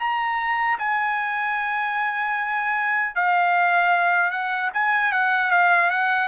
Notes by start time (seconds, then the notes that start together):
0.00 A#5
0.79 G#5
3.16 F5
4.31 F#5
4.74 G#5
5.12 F#5
5.51 F5
5.91 F#5